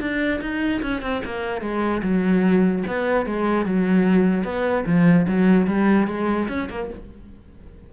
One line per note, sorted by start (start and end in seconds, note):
0.00 0.41 D4
0.41 0.82 D#4
0.82 1.02 C#4
1.02 1.22 C4
1.25 1.61 A#3
1.61 2.02 G#3
2.03 2.84 F#3
2.87 3.26 B3
3.26 3.66 G#3
3.66 4.44 F#3
4.44 4.85 B3
4.86 5.27 F3
5.28 5.67 F#3
5.67 6.07 G3
6.07 6.48 G#3
6.49 6.69 C#4
6.70 6.90 A#3